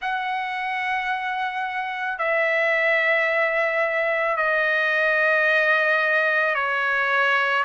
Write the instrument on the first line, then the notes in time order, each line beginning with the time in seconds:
trumpet
0.01 F#5
2.18 E5
4.36 D#5
6.55 C#5